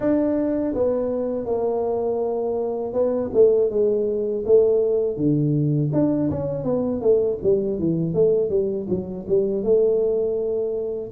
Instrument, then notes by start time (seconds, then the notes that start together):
tuba
0.00 D4
0.73 B3
1.45 A#3
2.93 B3
3.33 A3
3.69 G#3
4.45 A3
5.16 D3
5.93 D4
6.30 C#4
6.64 B3
7.01 A3
7.43 G3
7.78 E3
8.13 A3
8.49 G3
8.89 F#3
9.28 G3
9.63 A3